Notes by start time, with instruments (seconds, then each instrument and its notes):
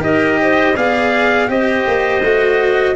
0.00 tuba D#4, cello G4, clarinet A#4, trumpet D#5
0.41 clarinet C5
0.76 tuba B3, cello G#4, clarinet D5, trumpet F5
1.47 tuba C4, cello G4, clarinet C5, trumpet D#5
1.87 tuba A#3
2.22 tuba A3, cello F#4